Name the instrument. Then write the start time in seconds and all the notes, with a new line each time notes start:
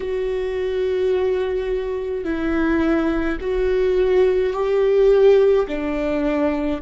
viola
0.00 F#4
2.24 E4
3.40 F#4
4.53 G4
5.67 D4